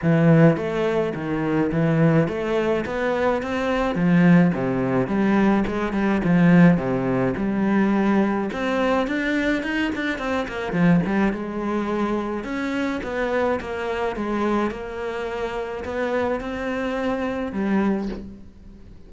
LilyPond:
\new Staff \with { instrumentName = "cello" } { \time 4/4 \tempo 4 = 106 e4 a4 dis4 e4 | a4 b4 c'4 f4 | c4 g4 gis8 g8 f4 | c4 g2 c'4 |
d'4 dis'8 d'8 c'8 ais8 f8 g8 | gis2 cis'4 b4 | ais4 gis4 ais2 | b4 c'2 g4 | }